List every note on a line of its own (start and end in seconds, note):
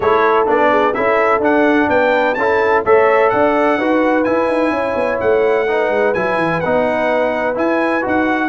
0.00 0.46 A3
0.00 0.46 E4
0.00 0.69 A4
0.00 0.47 C#5
0.46 0.96 B3
0.46 0.93 D4
0.46 0.94 D5
0.69 0.93 G#4
0.94 1.39 C#4
0.94 1.41 E4
0.94 1.89 A4
0.94 1.41 E5
1.39 1.86 D4
1.39 2.36 D4
1.39 1.89 F#5
1.89 2.36 B3
1.89 2.38 B4
1.89 2.34 G5
2.34 2.83 C#4
2.34 2.85 E4
2.34 2.84 A4
2.34 2.81 A5
2.84 3.32 A3
2.84 3.80 A4
2.84 3.31 C#5
2.84 3.29 E5
3.29 3.77 D4
3.29 3.78 D5
3.29 4.24 F#5
3.77 4.24 D#4
3.77 4.25 F#4
3.77 4.72 B4
4.24 5.67 E4
4.24 4.48 E4
4.24 5.18 G#5
4.48 4.70 D#4
4.70 4.94 C#4
4.70 5.68 C#5
4.95 5.19 B3
5.20 5.90 A3
5.20 6.13 F#5
5.67 6.15 D#4
5.67 8.49 B4
5.90 6.13 G#3
6.13 6.37 F#3
6.13 6.63 E4
6.13 6.60 G#5
6.37 6.60 E3
6.60 7.57 B3
6.60 7.54 D#4
6.60 7.54 F#5
7.54 8.01 E4
7.54 8.04 E4
7.54 8.05 G#5
8.01 8.49 D#4
8.01 8.48 F#4
8.07 8.49 F#5